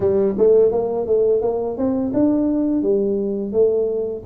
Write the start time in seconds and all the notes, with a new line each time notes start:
0.00 G3
0.38 A3
0.71 A#3
1.06 A3
1.41 A#3
1.76 C4
2.13 D4
2.82 G3
3.52 A3